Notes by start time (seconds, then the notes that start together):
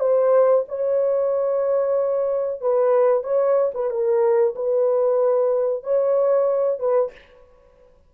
0.00 C5
0.68 C#5
2.61 B4
3.23 C#5
3.74 B4
3.90 A#4
4.56 B4
5.84 C#5
6.80 B4